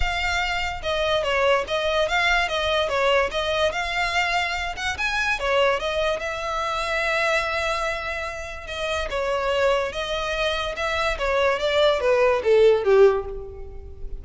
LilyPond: \new Staff \with { instrumentName = "violin" } { \time 4/4 \tempo 4 = 145 f''2 dis''4 cis''4 | dis''4 f''4 dis''4 cis''4 | dis''4 f''2~ f''8 fis''8 | gis''4 cis''4 dis''4 e''4~ |
e''1~ | e''4 dis''4 cis''2 | dis''2 e''4 cis''4 | d''4 b'4 a'4 g'4 | }